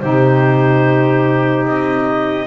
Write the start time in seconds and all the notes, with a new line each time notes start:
0.00 C3 D#4 G4 C5
1.66 C4 D#5